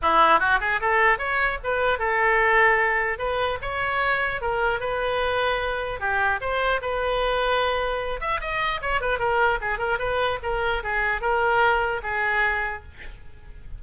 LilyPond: \new Staff \with { instrumentName = "oboe" } { \time 4/4 \tempo 4 = 150 e'4 fis'8 gis'8 a'4 cis''4 | b'4 a'2. | b'4 cis''2 ais'4 | b'2. g'4 |
c''4 b'2.~ | b'8 e''8 dis''4 cis''8 b'8 ais'4 | gis'8 ais'8 b'4 ais'4 gis'4 | ais'2 gis'2 | }